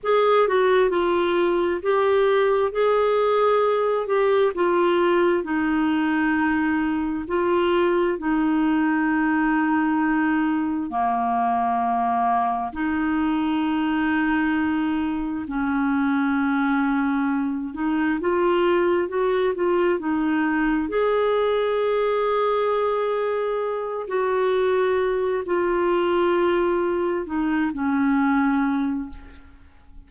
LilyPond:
\new Staff \with { instrumentName = "clarinet" } { \time 4/4 \tempo 4 = 66 gis'8 fis'8 f'4 g'4 gis'4~ | gis'8 g'8 f'4 dis'2 | f'4 dis'2. | ais2 dis'2~ |
dis'4 cis'2~ cis'8 dis'8 | f'4 fis'8 f'8 dis'4 gis'4~ | gis'2~ gis'8 fis'4. | f'2 dis'8 cis'4. | }